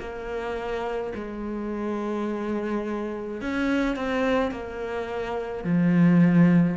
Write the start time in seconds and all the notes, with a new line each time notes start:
0.00 A#3
1.15 G#3
3.41 C#4
3.96 C4
4.52 A#3
5.64 F3